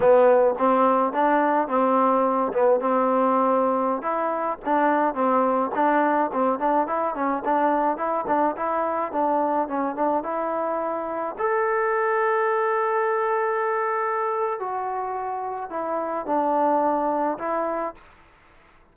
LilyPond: \new Staff \with { instrumentName = "trombone" } { \time 4/4 \tempo 4 = 107 b4 c'4 d'4 c'4~ | c'8 b8 c'2~ c'16 e'8.~ | e'16 d'4 c'4 d'4 c'8 d'16~ | d'16 e'8 cis'8 d'4 e'8 d'8 e'8.~ |
e'16 d'4 cis'8 d'8 e'4.~ e'16~ | e'16 a'2.~ a'8.~ | a'2 fis'2 | e'4 d'2 e'4 | }